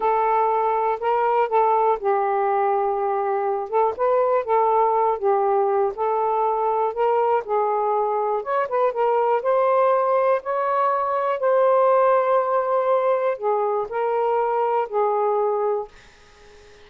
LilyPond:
\new Staff \with { instrumentName = "saxophone" } { \time 4/4 \tempo 4 = 121 a'2 ais'4 a'4 | g'2.~ g'8 a'8 | b'4 a'4. g'4. | a'2 ais'4 gis'4~ |
gis'4 cis''8 b'8 ais'4 c''4~ | c''4 cis''2 c''4~ | c''2. gis'4 | ais'2 gis'2 | }